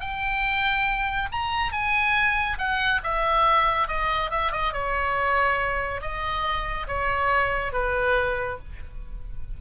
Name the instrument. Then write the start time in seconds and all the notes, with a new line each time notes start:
oboe
0.00 G5
1.31 A#5
1.72 G#5
2.58 F#5
3.03 E5
3.87 D#5
4.30 E5
4.51 D#5
4.73 C#5
6.01 D#5
6.87 C#5
7.72 B4